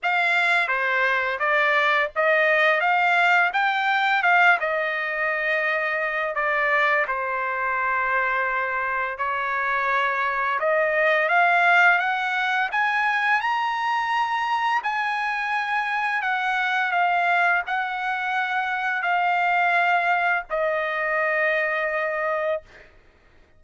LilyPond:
\new Staff \with { instrumentName = "trumpet" } { \time 4/4 \tempo 4 = 85 f''4 c''4 d''4 dis''4 | f''4 g''4 f''8 dis''4.~ | dis''4 d''4 c''2~ | c''4 cis''2 dis''4 |
f''4 fis''4 gis''4 ais''4~ | ais''4 gis''2 fis''4 | f''4 fis''2 f''4~ | f''4 dis''2. | }